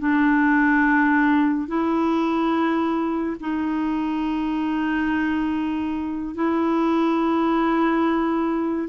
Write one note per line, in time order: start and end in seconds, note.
0.00 1.68 D4
1.68 3.37 E4
3.41 6.35 D#4
6.35 8.88 E4